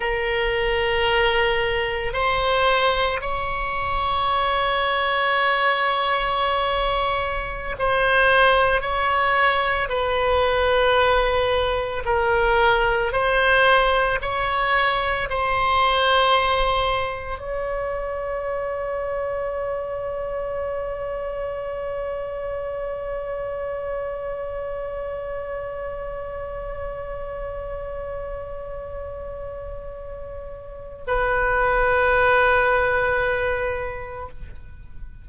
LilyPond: \new Staff \with { instrumentName = "oboe" } { \time 4/4 \tempo 4 = 56 ais'2 c''4 cis''4~ | cis''2.~ cis''16 c''8.~ | c''16 cis''4 b'2 ais'8.~ | ais'16 c''4 cis''4 c''4.~ c''16~ |
c''16 cis''2.~ cis''8.~ | cis''1~ | cis''1~ | cis''4 b'2. | }